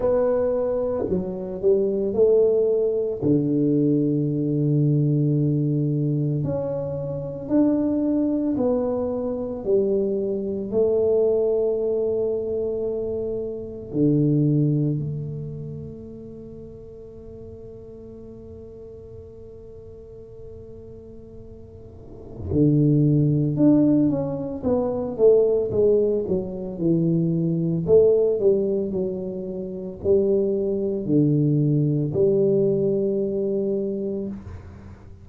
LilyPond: \new Staff \with { instrumentName = "tuba" } { \time 4/4 \tempo 4 = 56 b4 fis8 g8 a4 d4~ | d2 cis'4 d'4 | b4 g4 a2~ | a4 d4 a2~ |
a1~ | a4 d4 d'8 cis'8 b8 a8 | gis8 fis8 e4 a8 g8 fis4 | g4 d4 g2 | }